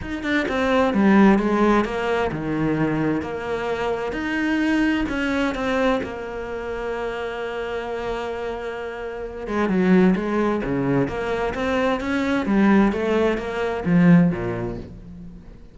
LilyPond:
\new Staff \with { instrumentName = "cello" } { \time 4/4 \tempo 4 = 130 dis'8 d'8 c'4 g4 gis4 | ais4 dis2 ais4~ | ais4 dis'2 cis'4 | c'4 ais2.~ |
ais1~ | ais8 gis8 fis4 gis4 cis4 | ais4 c'4 cis'4 g4 | a4 ais4 f4 ais,4 | }